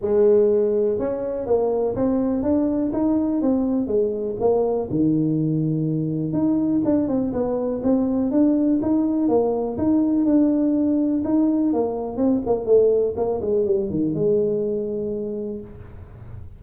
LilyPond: \new Staff \with { instrumentName = "tuba" } { \time 4/4 \tempo 4 = 123 gis2 cis'4 ais4 | c'4 d'4 dis'4 c'4 | gis4 ais4 dis2~ | dis4 dis'4 d'8 c'8 b4 |
c'4 d'4 dis'4 ais4 | dis'4 d'2 dis'4 | ais4 c'8 ais8 a4 ais8 gis8 | g8 dis8 gis2. | }